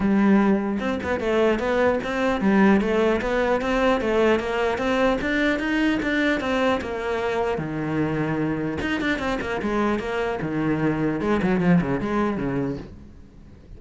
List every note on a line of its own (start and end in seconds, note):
0.00 0.78 G3
0.79 0.99 C4
1.03 1.19 B3
1.19 1.59 A3
1.59 1.99 B3
2.03 2.41 C4
2.41 2.80 G3
2.80 3.20 A3
3.21 3.61 B3
3.61 4.00 C4
4.00 4.39 A3
4.39 4.78 A#3
4.78 5.18 C4
5.21 5.59 D4
5.59 5.99 D#4
6.02 6.40 D4
6.40 6.80 C4
6.81 7.58 A#3
7.58 8.78 D#3
8.81 9.01 D#4
9.01 9.18 D4
9.18 9.38 C4
9.41 9.61 A#3
9.61 9.99 G#3
9.99 10.39 A#3
10.41 11.20 D#3
11.20 11.40 G#3
11.42 11.60 F#3
11.60 11.80 F3
11.81 12.00 C#3
12.00 12.37 G#3
12.37 12.77 C#3